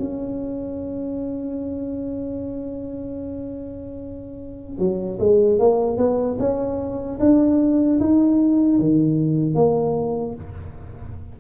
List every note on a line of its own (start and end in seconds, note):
0.00 4.79 C#4
4.79 5.19 F#3
5.20 5.59 G#3
5.59 5.98 A#3
5.98 6.38 B3
6.39 7.19 C#4
7.20 8.00 D4
8.00 8.80 D#4
8.80 9.55 D#3
9.55 10.35 A#3